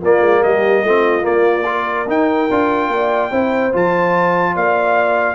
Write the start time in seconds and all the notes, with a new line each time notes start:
0.00 A#3 F4 D5
0.20 G#3
0.42 G3 G4 D#5
0.83 A3 C4 F4
1.22 A#3 D5
1.65 F4 A#4
2.07 D#4 G5
2.50 D4 F4
2.88 A#3 D5
3.31 C4 E4 C5
3.72 F3 F4 A5
4.55 A#3 D5 F5